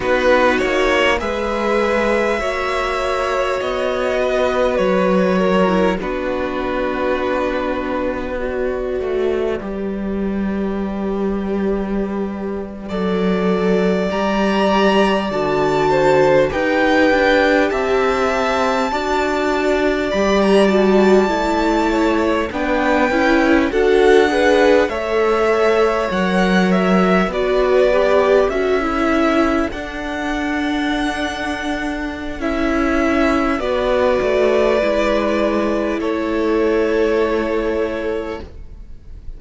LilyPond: <<
  \new Staff \with { instrumentName = "violin" } { \time 4/4 \tempo 4 = 50 b'8 cis''8 e''2 dis''4 | cis''4 b'2 d''4~ | d''2.~ d''8. ais''16~ | ais''8. a''4 g''4 a''4~ a''16~ |
a''8. b''16 ais''16 a''4. g''4 fis''16~ | fis''8. e''4 fis''8 e''8 d''4 e''16~ | e''8. fis''2~ fis''16 e''4 | d''2 cis''2 | }
  \new Staff \with { instrumentName = "violin" } { \time 4/4 fis'4 b'4 cis''4. b'8~ | b'8 ais'8 fis'2 b'4~ | b'2~ b'8. d''4~ d''16~ | d''4~ d''16 c''8 b'4 e''4 d''16~ |
d''2~ d''16 cis''8 b'4 a'16~ | a'16 b'8 cis''2 b'4 a'16~ | a'1 | b'2 a'2 | }
  \new Staff \with { instrumentName = "viola" } { \time 4/4 dis'4 gis'4 fis'2~ | fis'8. e'16 d'2 fis'4 | g'2~ g'8. a'4 g'16~ | g'8. fis'4 g'2 fis'16~ |
fis'8. g'8 fis'8 e'4 d'8 e'8 fis'16~ | fis'16 gis'8 a'4 ais'4 fis'8 g'8 fis'16 | e'8. d'2~ d'16 e'4 | fis'4 e'2. | }
  \new Staff \with { instrumentName = "cello" } { \time 4/4 b8 ais8 gis4 ais4 b4 | fis4 b2~ b8 a8 | g2~ g8. fis4 g16~ | g8. d4 dis'8 d'8 c'4 d'16~ |
d'8. g4 a4 b8 cis'8 d'16~ | d'8. a4 fis4 b4 cis'16~ | cis'8. d'2~ d'16 cis'4 | b8 a8 gis4 a2 | }
>>